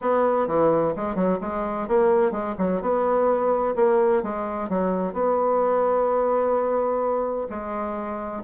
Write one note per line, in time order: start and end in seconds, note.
0.01 0.47 B3
0.47 0.94 E3
0.96 1.15 G#3
1.15 1.38 F#3
1.41 1.87 G#3
1.87 2.31 A#3
2.31 2.55 G#3
2.58 2.81 F#3
2.81 3.75 B3
3.75 4.22 A#3
4.22 4.69 G#3
4.69 5.13 F#3
5.13 7.47 B3
7.49 8.43 G#3